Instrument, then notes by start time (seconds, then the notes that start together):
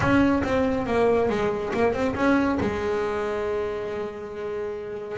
double bass
0.00 C#4
0.43 C4
0.86 A#3
1.29 G#3
1.73 A#3
1.93 C4
2.15 C#4
2.60 G#3